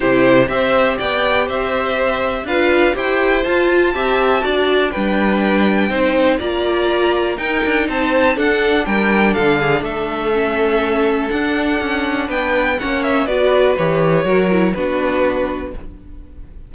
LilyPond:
<<
  \new Staff \with { instrumentName = "violin" } { \time 4/4 \tempo 4 = 122 c''4 e''4 g''4 e''4~ | e''4 f''4 g''4 a''4~ | a''2 g''2~ | g''4 ais''2 g''4 |
a''4 fis''4 g''4 f''4 | e''2. fis''4~ | fis''4 g''4 fis''8 e''8 d''4 | cis''2 b'2 | }
  \new Staff \with { instrumentName = "violin" } { \time 4/4 g'4 c''4 d''4 c''4~ | c''4 b'4 c''2 | e''4 d''4 b'2 | c''4 d''2 ais'4 |
c''4 a'4 ais'4 a'8 gis'8 | a'1~ | a'4 b'4 cis''4 b'4~ | b'4 ais'4 fis'2 | }
  \new Staff \with { instrumentName = "viola" } { \time 4/4 e'4 g'2.~ | g'4 f'4 g'4 f'4 | g'4 fis'4 d'2 | dis'4 f'2 dis'4~ |
dis'4 d'2.~ | d'4 cis'2 d'4~ | d'2 cis'4 fis'4 | g'4 fis'8 e'8 d'2 | }
  \new Staff \with { instrumentName = "cello" } { \time 4/4 c4 c'4 b4 c'4~ | c'4 d'4 e'4 f'4 | c'4 d'4 g2 | c'4 ais2 dis'8 d'8 |
c'4 d'4 g4 d4 | a2. d'4 | cis'4 b4 ais4 b4 | e4 fis4 b2 | }
>>